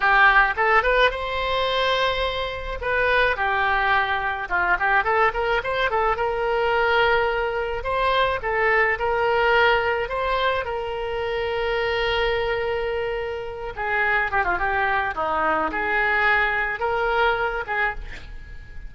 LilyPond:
\new Staff \with { instrumentName = "oboe" } { \time 4/4 \tempo 4 = 107 g'4 a'8 b'8 c''2~ | c''4 b'4 g'2 | f'8 g'8 a'8 ais'8 c''8 a'8 ais'4~ | ais'2 c''4 a'4 |
ais'2 c''4 ais'4~ | ais'1~ | ais'8 gis'4 g'16 f'16 g'4 dis'4 | gis'2 ais'4. gis'8 | }